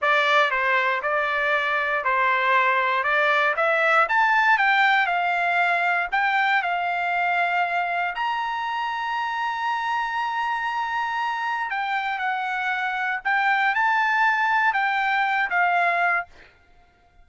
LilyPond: \new Staff \with { instrumentName = "trumpet" } { \time 4/4 \tempo 4 = 118 d''4 c''4 d''2 | c''2 d''4 e''4 | a''4 g''4 f''2 | g''4 f''2. |
ais''1~ | ais''2. g''4 | fis''2 g''4 a''4~ | a''4 g''4. f''4. | }